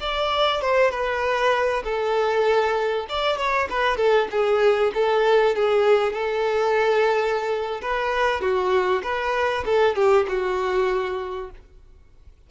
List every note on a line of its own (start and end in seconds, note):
0.00 0.61 D5
0.61 0.91 C5
0.91 1.83 B4
1.84 3.06 A4
3.09 3.37 D5
3.37 3.68 C#5
3.70 3.97 B4
3.97 4.27 A4
4.31 4.92 G#4
4.94 5.55 A4
5.55 6.12 G#4
6.12 7.81 A4
7.81 8.41 B4
8.41 9.02 F#4
9.03 9.64 B4
9.65 9.95 A4
9.95 10.26 G4
10.28 11.50 F#4